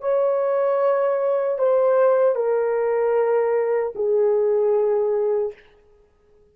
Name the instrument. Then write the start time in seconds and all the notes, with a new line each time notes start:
horn
0.00 C#5
1.58 C5
2.35 A#4
3.95 G#4